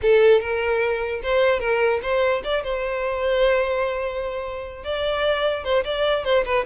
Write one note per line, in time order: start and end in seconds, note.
0.01 0.40 A4
0.40 1.21 A#4
1.22 1.59 C5
1.59 2.00 A#4
2.02 2.42 C5
2.44 2.63 D5
2.63 4.84 C5
4.84 5.63 D5
5.63 5.84 C5
5.84 6.24 D5
6.24 6.44 C5
6.45 6.65 B4